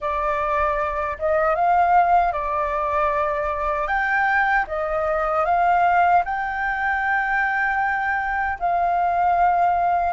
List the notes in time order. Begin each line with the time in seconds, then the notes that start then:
0.00 D5
1.19 D#5
1.55 F5
2.32 D5
3.87 G5
4.67 D#5
5.45 F5
6.24 G5
8.59 F5